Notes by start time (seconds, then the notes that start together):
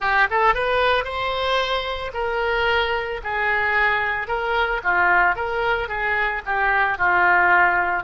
0.00 G4
0.30 A4
0.54 B4
1.04 C5
2.13 A#4
3.23 G#4
4.27 A#4
4.83 F4
5.35 A#4
5.88 G#4
6.45 G4
6.98 F4